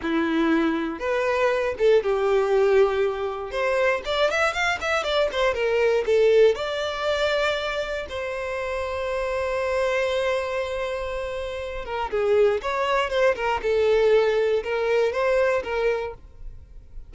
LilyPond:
\new Staff \with { instrumentName = "violin" } { \time 4/4 \tempo 4 = 119 e'2 b'4. a'8 | g'2. c''4 | d''8 e''8 f''8 e''8 d''8 c''8 ais'4 | a'4 d''2. |
c''1~ | c''2.~ c''8 ais'8 | gis'4 cis''4 c''8 ais'8 a'4~ | a'4 ais'4 c''4 ais'4 | }